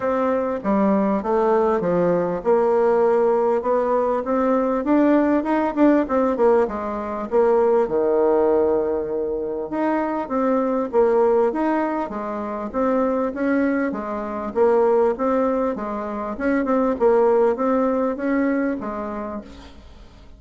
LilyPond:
\new Staff \with { instrumentName = "bassoon" } { \time 4/4 \tempo 4 = 99 c'4 g4 a4 f4 | ais2 b4 c'4 | d'4 dis'8 d'8 c'8 ais8 gis4 | ais4 dis2. |
dis'4 c'4 ais4 dis'4 | gis4 c'4 cis'4 gis4 | ais4 c'4 gis4 cis'8 c'8 | ais4 c'4 cis'4 gis4 | }